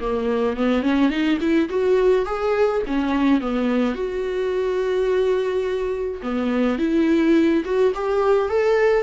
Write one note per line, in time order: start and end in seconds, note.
0.00 0.57 A#3
0.57 0.82 B3
0.82 1.10 C#4
1.10 1.38 D#4
1.40 1.69 E4
1.69 2.25 F#4
2.25 2.82 G#4
2.86 3.40 C#4
3.40 3.94 B3
3.94 6.21 F#4
6.22 6.78 B3
6.78 7.63 E4
7.64 7.93 F#4
7.95 8.49 G4
8.49 9.03 A4